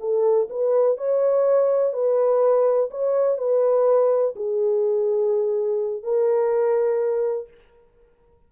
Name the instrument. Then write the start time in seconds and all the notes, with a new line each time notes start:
horn
0.00 A4
0.50 B4
0.98 C#5
1.93 B4
2.91 C#5
3.38 B4
4.36 G#4
6.03 A#4